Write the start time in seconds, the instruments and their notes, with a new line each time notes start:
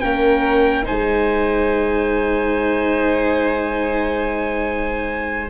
0.00 tuba A#3, viola C#4, violin A#4, trumpet G5
0.83 viola D#4, violin C5, trumpet G#5
0.90 tuba G#3